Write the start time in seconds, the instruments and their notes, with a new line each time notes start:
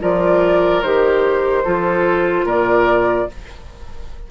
0.00 bassoon F3, clarinet F4, oboe A#4, flute D5
0.82 bassoon D#3, clarinet G4, flute C5
1.64 bassoon F3, clarinet F4, oboe A4
2.44 bassoon A#2, oboe A#4, flute D5